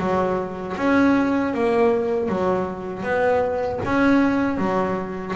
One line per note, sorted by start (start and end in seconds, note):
0.00 0.77 F#3
0.77 1.54 C#4
1.54 2.29 A#3
2.29 3.03 F#3
3.03 3.80 B3
3.85 4.58 C#4
4.58 5.35 F#3